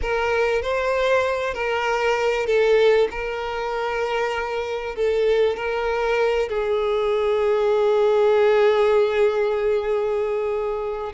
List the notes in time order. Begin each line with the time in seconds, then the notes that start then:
0.01 A#4
0.62 C5
1.54 A#4
2.46 A4
3.10 A#4
4.95 A4
5.56 A#4
6.49 G#4